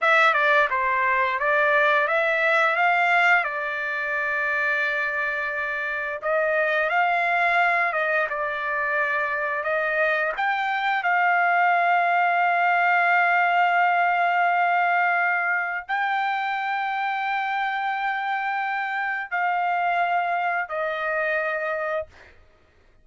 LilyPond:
\new Staff \with { instrumentName = "trumpet" } { \time 4/4 \tempo 4 = 87 e''8 d''8 c''4 d''4 e''4 | f''4 d''2.~ | d''4 dis''4 f''4. dis''8 | d''2 dis''4 g''4 |
f''1~ | f''2. g''4~ | g''1 | f''2 dis''2 | }